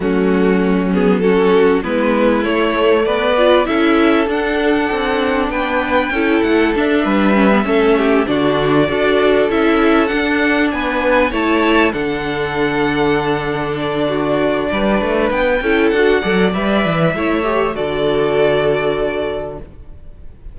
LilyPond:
<<
  \new Staff \with { instrumentName = "violin" } { \time 4/4 \tempo 4 = 98 fis'4. gis'8 a'4 b'4 | cis''4 d''4 e''4 fis''4~ | fis''4 g''4. fis''8 e''4~ | e''4. d''2 e''8~ |
e''8 fis''4 gis''4 a''4 fis''8~ | fis''2~ fis''8 d''4.~ | d''4 g''4 fis''4 e''4~ | e''4 d''2. | }
  \new Staff \with { instrumentName = "violin" } { \time 4/4 cis'2 fis'4 e'4~ | e'4 b'4 a'2~ | a'4 b'4 a'4. b'8~ | b'8 a'8 g'8 fis'4 a'4.~ |
a'4. b'4 cis''4 a'8~ | a'2. fis'4 | b'4. a'4 d''4. | cis''4 a'2. | }
  \new Staff \with { instrumentName = "viola" } { \time 4/4 a4. b8 cis'4 b4 | a4. f'8 e'4 d'4~ | d'2 e'4 d'4 | cis'16 b16 cis'4 d'4 fis'4 e'8~ |
e'8 d'2 e'4 d'8~ | d'1~ | d'4. e'8 fis'8 a'8 b'4 | e'8 g'8 fis'2. | }
  \new Staff \with { instrumentName = "cello" } { \time 4/4 fis2. gis4 | a4 b4 cis'4 d'4 | c'4 b4 cis'8 a8 d'8 g8~ | g8 a4 d4 d'4 cis'8~ |
cis'8 d'4 b4 a4 d8~ | d1 | g8 a8 b8 cis'8 d'8 fis8 g8 e8 | a4 d2. | }
>>